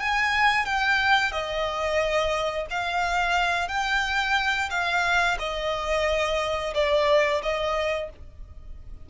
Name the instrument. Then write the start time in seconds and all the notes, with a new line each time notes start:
violin
0.00 G#5
0.66 G5
1.32 D#5
2.70 F5
3.68 G5
4.70 F5
5.39 D#5
6.74 D5
7.43 D#5